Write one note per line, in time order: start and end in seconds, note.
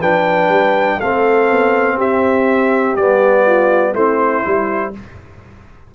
0.00 0.49 F3
0.00 1.00 D4
0.00 0.98 B4
0.00 1.00 G5
0.49 0.98 G3
0.99 1.51 A3
0.99 2.97 C4
0.99 1.97 A4
0.99 1.99 F5
1.51 1.98 B3
1.97 2.96 C4
1.97 3.45 G4
1.97 2.96 E5
2.96 3.93 G3
2.96 3.96 B3
2.96 3.94 D5
3.46 3.94 F4
3.93 4.43 A3
3.93 4.44 C4
3.93 4.92 E4
3.93 4.94 C5
4.44 4.95 G3
4.44 4.93 E4